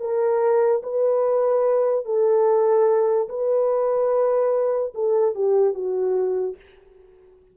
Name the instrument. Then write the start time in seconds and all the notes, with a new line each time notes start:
horn
0.00 A#4
0.83 B4
2.05 A4
3.29 B4
4.95 A4
5.35 G4
5.74 F#4